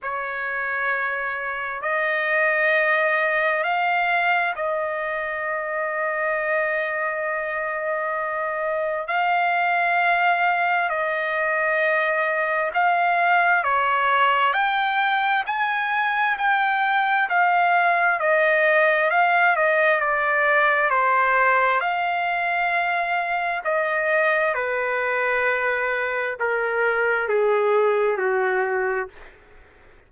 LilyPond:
\new Staff \with { instrumentName = "trumpet" } { \time 4/4 \tempo 4 = 66 cis''2 dis''2 | f''4 dis''2.~ | dis''2 f''2 | dis''2 f''4 cis''4 |
g''4 gis''4 g''4 f''4 | dis''4 f''8 dis''8 d''4 c''4 | f''2 dis''4 b'4~ | b'4 ais'4 gis'4 fis'4 | }